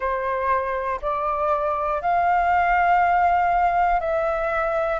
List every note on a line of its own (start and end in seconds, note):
0.00 1.00 C5
1.01 2.01 D5
2.01 4.00 F5
4.00 5.00 E5